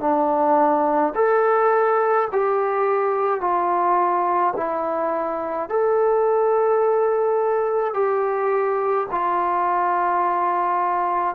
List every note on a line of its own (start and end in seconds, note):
0.00 1.13 D4
1.15 2.28 A4
2.32 3.41 G4
3.41 4.54 F4
4.56 5.69 E4
5.69 7.93 A4
7.93 9.07 G4
9.11 11.35 F4